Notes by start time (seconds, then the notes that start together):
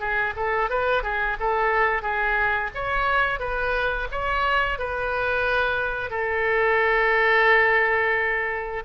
0.00 G#4
0.36 A4
0.70 B4
1.03 G#4
1.40 A4
2.02 G#4
2.75 C#5
3.40 B4
4.12 C#5
4.79 B4
6.10 A4